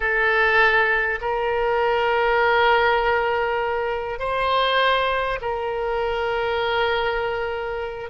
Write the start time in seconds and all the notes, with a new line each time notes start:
0.00 A4
1.21 A#4
4.19 C5
5.41 A#4